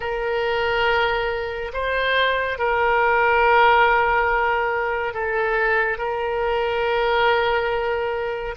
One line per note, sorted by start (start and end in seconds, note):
0.00 1.71 A#4
1.73 2.58 C5
2.58 5.13 A#4
5.13 5.98 A4
5.98 8.55 A#4